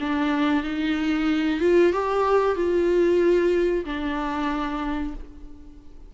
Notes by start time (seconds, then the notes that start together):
0.00 D4
0.63 D#4
1.60 F4
1.93 G4
2.55 F4
3.85 D4